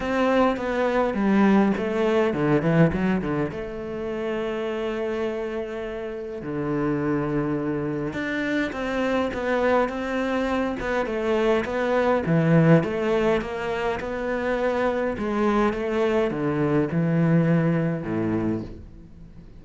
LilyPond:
\new Staff \with { instrumentName = "cello" } { \time 4/4 \tempo 4 = 103 c'4 b4 g4 a4 | d8 e8 fis8 d8 a2~ | a2. d4~ | d2 d'4 c'4 |
b4 c'4. b8 a4 | b4 e4 a4 ais4 | b2 gis4 a4 | d4 e2 a,4 | }